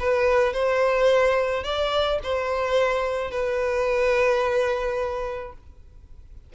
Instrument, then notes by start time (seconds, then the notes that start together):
violin
0.00 B4
0.54 C5
1.64 D5
2.24 C5
3.31 B4